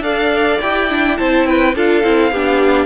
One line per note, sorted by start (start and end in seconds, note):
0.00 0.57 D4
0.00 0.60 A4
0.00 1.18 D5
0.00 0.60 F5
0.61 1.19 E4
0.61 0.89 G4
0.61 1.17 G5
0.89 1.16 D4
1.16 1.75 C4
1.16 1.74 E4
1.16 1.46 C5
1.16 1.46 A5
1.46 1.75 B4
1.46 1.75 G5
1.75 2.03 D4
1.75 2.03 F4
1.75 2.31 A4
1.75 2.86 F5
2.03 2.32 C4
2.03 2.32 E4
2.31 2.86 B3
2.31 2.86 D4
2.31 2.86 G4